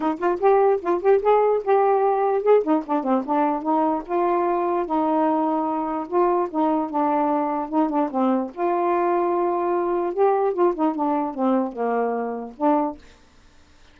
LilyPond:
\new Staff \with { instrumentName = "saxophone" } { \time 4/4 \tempo 4 = 148 dis'8 f'8 g'4 f'8 g'8 gis'4 | g'2 gis'8 dis'8 d'8 c'8 | d'4 dis'4 f'2 | dis'2. f'4 |
dis'4 d'2 dis'8 d'8 | c'4 f'2.~ | f'4 g'4 f'8 dis'8 d'4 | c'4 ais2 d'4 | }